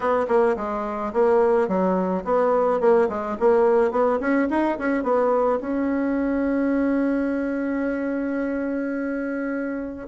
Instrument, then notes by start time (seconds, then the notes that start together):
bassoon
0.00 B3
0.28 A#3
0.56 G#3
1.13 A#3
1.67 F#3
2.24 B3
2.80 A#3
3.08 G#3
3.39 A#3
3.91 B3
4.20 C#4
4.49 D#4
4.78 C#4
5.03 B3
5.60 C#4